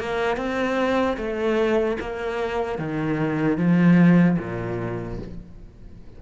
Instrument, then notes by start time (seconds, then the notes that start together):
cello
0.00 A#3
0.37 C4
1.17 A3
2.01 A#3
2.79 D#3
3.58 F3
4.39 A#2